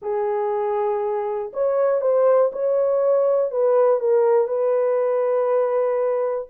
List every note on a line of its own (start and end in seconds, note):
0.01 1.51 G#4
1.53 2.01 C#5
2.01 2.51 C5
2.52 3.51 C#5
3.51 4.00 B4
4.00 4.47 A#4
4.47 6.47 B4